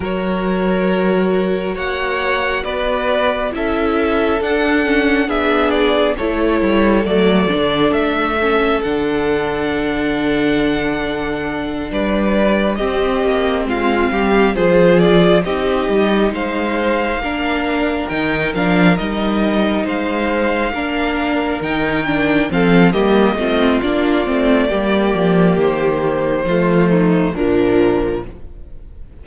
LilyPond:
<<
  \new Staff \with { instrumentName = "violin" } { \time 4/4 \tempo 4 = 68 cis''2 fis''4 d''4 | e''4 fis''4 e''8 d''8 cis''4 | d''4 e''4 fis''2~ | fis''4. d''4 dis''4 f''8~ |
f''8 c''8 d''8 dis''4 f''4.~ | f''8 g''8 f''8 dis''4 f''4.~ | f''8 g''4 f''8 dis''4 d''4~ | d''4 c''2 ais'4 | }
  \new Staff \with { instrumentName = "violin" } { \time 4/4 ais'2 cis''4 b'4 | a'2 gis'4 a'4~ | a'1~ | a'4. b'4 g'4 f'8 |
g'8 gis'4 g'4 c''4 ais'8~ | ais'2~ ais'8 c''4 ais'8~ | ais'4. a'8 g'8 f'4. | g'2 f'8 dis'8 d'4 | }
  \new Staff \with { instrumentName = "viola" } { \time 4/4 fis'1 | e'4 d'8 cis'8 d'4 e'4 | a8 d'4 cis'8 d'2~ | d'2~ d'8 c'4.~ |
c'8 f'4 dis'2 d'8~ | d'8 dis'8 d'8 dis'2 d'8~ | d'8 dis'8 d'8 c'8 ais8 c'8 d'8 c'8 | ais2 a4 f4 | }
  \new Staff \with { instrumentName = "cello" } { \time 4/4 fis2 ais4 b4 | cis'4 d'4 b4 a8 g8 | fis8 d8 a4 d2~ | d4. g4 c'8 ais8 gis8 |
g8 f4 c'8 g8 gis4 ais8~ | ais8 dis8 f8 g4 gis4 ais8~ | ais8 dis4 f8 g8 a8 ais8 a8 | g8 f8 dis4 f4 ais,4 | }
>>